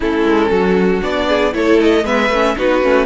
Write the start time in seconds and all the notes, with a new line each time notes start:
0.00 A3 C#4 E4 A4
0.24 G#3
0.50 F#3 F#4
1.01 B3 D4 D5
1.27 G#4
1.53 A3 E4 A4 C#5
1.80 D#5
2.04 G#3 B3 B4 E5
2.29 A3 C#4
2.57 B3 D#4 F#4 B4
2.82 A3 C#4